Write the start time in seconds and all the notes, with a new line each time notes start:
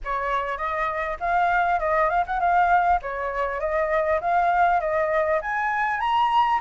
0.04 C#5
0.57 D#5
1.20 F5
1.79 D#5
2.09 F5
2.26 F#5
2.40 F5
3.02 C#5
3.60 D#5
4.21 F5
4.80 D#5
5.41 G#5
6.00 A#5